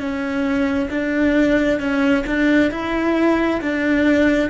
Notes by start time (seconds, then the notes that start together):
0.00 C#4
0.90 D4
1.80 C#4
2.27 D4
2.72 E4
3.61 D4